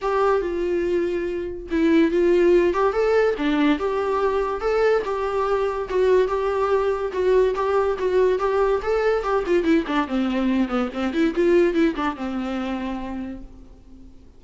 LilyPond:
\new Staff \with { instrumentName = "viola" } { \time 4/4 \tempo 4 = 143 g'4 f'2. | e'4 f'4. g'8 a'4 | d'4 g'2 a'4 | g'2 fis'4 g'4~ |
g'4 fis'4 g'4 fis'4 | g'4 a'4 g'8 f'8 e'8 d'8 | c'4. b8 c'8 e'8 f'4 | e'8 d'8 c'2. | }